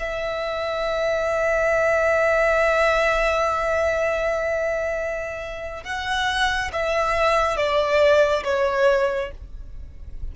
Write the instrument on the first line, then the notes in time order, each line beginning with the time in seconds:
violin
0.00 E5
5.85 F#5
6.73 E5
7.57 D5
8.44 C#5